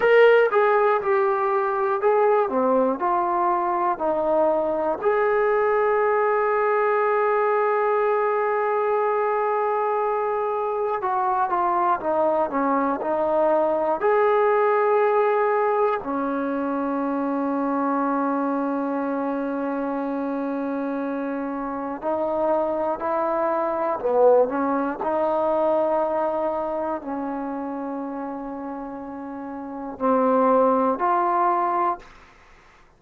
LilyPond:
\new Staff \with { instrumentName = "trombone" } { \time 4/4 \tempo 4 = 60 ais'8 gis'8 g'4 gis'8 c'8 f'4 | dis'4 gis'2.~ | gis'2. fis'8 f'8 | dis'8 cis'8 dis'4 gis'2 |
cis'1~ | cis'2 dis'4 e'4 | b8 cis'8 dis'2 cis'4~ | cis'2 c'4 f'4 | }